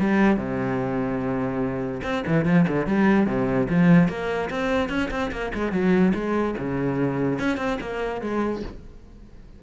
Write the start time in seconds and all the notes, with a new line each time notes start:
0.00 G3
0.37 C3
2.03 C4
2.27 E3
2.45 F3
2.68 D3
2.86 G3
3.26 C3
3.69 F3
4.08 A#3
4.50 C4
4.89 C#4
5.11 C4
5.31 A#3
5.54 G#3
5.72 F#3
6.14 G#3
6.58 C#3
7.39 C#4
7.57 C4
7.81 A#3
8.21 G#3